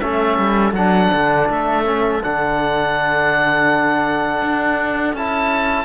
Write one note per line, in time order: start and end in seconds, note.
0.00 0.38 A3
0.00 0.74 C#4
0.00 5.85 A4
0.00 0.73 E5
0.38 0.72 G3
0.72 1.09 F#3
0.72 1.84 D4
0.72 1.48 F#5
1.13 1.49 D3
1.49 2.22 A3
1.49 2.23 E5
1.84 2.21 C#4
2.23 4.42 D3
2.23 5.16 D4
2.23 5.15 F#5
4.42 5.13 D4
5.13 5.85 C#4
5.13 5.85 E4
5.13 5.85 A5